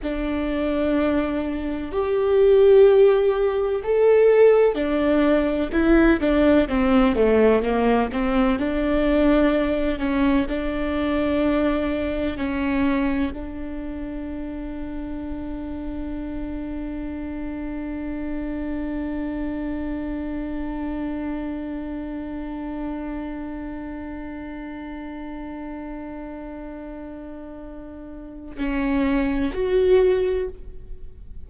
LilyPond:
\new Staff \with { instrumentName = "viola" } { \time 4/4 \tempo 4 = 63 d'2 g'2 | a'4 d'4 e'8 d'8 c'8 a8 | ais8 c'8 d'4. cis'8 d'4~ | d'4 cis'4 d'2~ |
d'1~ | d'1~ | d'1~ | d'2 cis'4 fis'4 | }